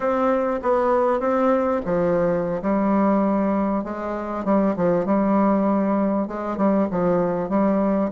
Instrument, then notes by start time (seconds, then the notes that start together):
bassoon
0.00 C4
0.62 B3
1.20 C4
1.85 F3
2.62 G3
3.84 G#3
4.44 G3
4.76 F3
5.05 G3
6.27 G#3
6.57 G3
6.90 F3
7.49 G3